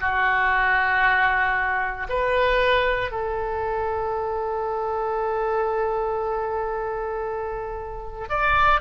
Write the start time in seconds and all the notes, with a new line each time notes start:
0.00 F#4
2.09 B4
3.11 A4
8.29 D5